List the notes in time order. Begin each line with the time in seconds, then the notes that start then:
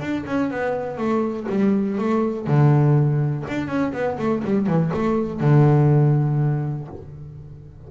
0.00 D4
0.26 C#4
0.51 B3
0.98 A3
1.49 G3
1.98 A3
2.47 D3
3.48 D4
3.68 C#4
3.93 B3
4.18 A3
4.44 G3
4.67 E3
4.94 A3
5.40 D3